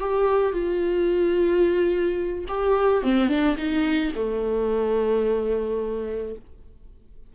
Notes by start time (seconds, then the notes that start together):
0.00 G4
0.53 F4
2.48 G4
3.03 C4
3.29 D4
3.58 D#4
4.15 A3